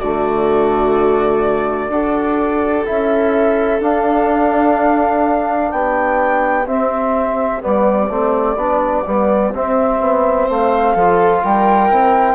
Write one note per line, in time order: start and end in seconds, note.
0.00 1.89 D3
0.00 1.92 A3
0.00 1.90 F#4
0.00 2.86 D5
1.89 2.84 D4
1.89 2.86 F#4
1.89 5.73 A4
2.86 3.81 C#4
2.86 3.80 E4
2.86 3.81 E5
3.80 6.66 D4
3.80 5.71 D4
3.80 5.72 F5
5.72 6.67 B3
5.72 10.45 G4
5.72 6.67 G5
6.67 7.61 C4
6.67 7.63 C4
6.67 7.63 E5
7.61 8.10 G3
7.61 8.09 B3
7.61 9.54 D5
8.10 8.56 A3
8.10 8.57 C4
8.56 9.04 B3
8.56 9.06 D4
9.07 9.53 G3
9.07 9.54 B3
9.53 10.01 C4
9.53 10.98 C4
9.53 10.50 E5
10.01 10.48 B3
10.45 10.95 A3
10.45 10.93 C5
10.51 11.44 F5
10.95 11.43 F3
10.95 11.90 F4
10.95 11.43 A4
11.43 11.92 G3
11.43 12.35 A#4
11.43 12.35 G5
11.90 12.35 C4
11.90 12.35 E4